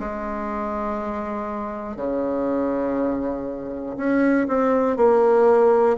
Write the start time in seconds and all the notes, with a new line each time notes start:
0.00 G#3
1.96 C#3
3.97 C#4
4.48 C4
4.97 A#3